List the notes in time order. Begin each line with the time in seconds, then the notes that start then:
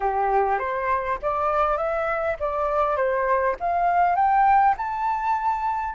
0.00 G4
0.58 C5
1.22 D5
1.77 E5
2.39 D5
2.96 C5
3.60 F5
4.15 G5
4.77 A5